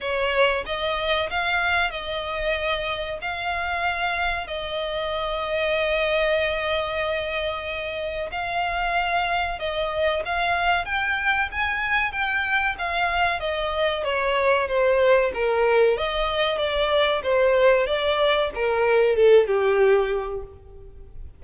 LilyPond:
\new Staff \with { instrumentName = "violin" } { \time 4/4 \tempo 4 = 94 cis''4 dis''4 f''4 dis''4~ | dis''4 f''2 dis''4~ | dis''1~ | dis''4 f''2 dis''4 |
f''4 g''4 gis''4 g''4 | f''4 dis''4 cis''4 c''4 | ais'4 dis''4 d''4 c''4 | d''4 ais'4 a'8 g'4. | }